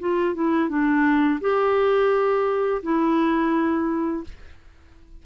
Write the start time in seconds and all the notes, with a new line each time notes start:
0.00 F4
0.35 E4
0.69 D4
1.41 G4
2.82 E4